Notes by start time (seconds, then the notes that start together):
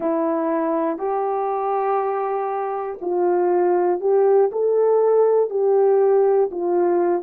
0.00 E4
0.98 G4
3.01 F4
4.00 G4
4.52 A4
5.50 G4
6.51 F4